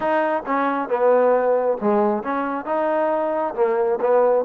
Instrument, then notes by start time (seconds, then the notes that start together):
trombone
0.00 D#4
0.46 C#4
0.88 B3
1.81 G#3
2.23 C#4
2.65 D#4
3.54 A#3
4.01 B3